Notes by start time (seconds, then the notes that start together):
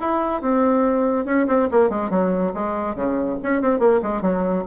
0.00 E4
0.41 C4
1.25 C#4
1.47 C4
1.71 A#3
1.89 G#3
2.10 F#3
2.54 G#3
2.95 C#3
3.42 C#4
3.61 C4
3.79 A#3
4.02 G#3
4.21 F#3